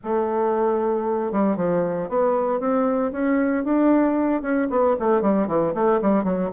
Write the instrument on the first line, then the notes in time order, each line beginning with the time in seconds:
bassoon
0.03 A3
1.32 G3
1.56 F3
2.08 B3
2.60 C4
3.12 C#4
3.64 D4
4.42 C#4
4.70 B3
4.99 A3
5.21 G3
5.47 E3
5.74 A3
6.01 G3
6.24 F#3